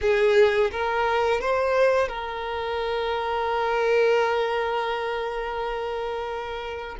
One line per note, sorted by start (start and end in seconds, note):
0.01 0.70 G#4
0.71 1.40 A#4
1.40 2.08 C5
2.08 6.96 A#4